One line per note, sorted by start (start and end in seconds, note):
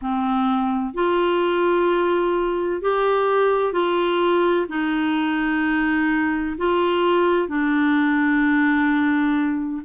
0.01 0.94 C4
0.94 2.81 F4
2.81 3.72 G4
3.72 4.66 F4
4.69 6.56 D#4
6.57 7.48 F4
7.48 9.82 D4